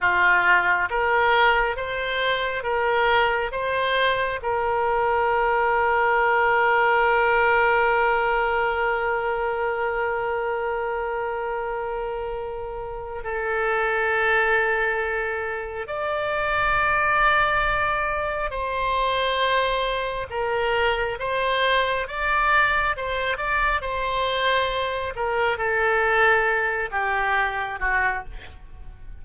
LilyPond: \new Staff \with { instrumentName = "oboe" } { \time 4/4 \tempo 4 = 68 f'4 ais'4 c''4 ais'4 | c''4 ais'2.~ | ais'1~ | ais'2. a'4~ |
a'2 d''2~ | d''4 c''2 ais'4 | c''4 d''4 c''8 d''8 c''4~ | c''8 ais'8 a'4. g'4 fis'8 | }